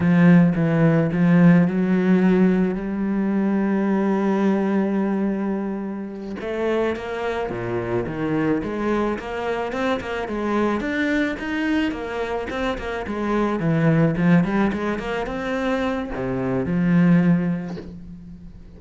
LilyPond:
\new Staff \with { instrumentName = "cello" } { \time 4/4 \tempo 4 = 108 f4 e4 f4 fis4~ | fis4 g2.~ | g2.~ g8 a8~ | a8 ais4 ais,4 dis4 gis8~ |
gis8 ais4 c'8 ais8 gis4 d'8~ | d'8 dis'4 ais4 c'8 ais8 gis8~ | gis8 e4 f8 g8 gis8 ais8 c'8~ | c'4 c4 f2 | }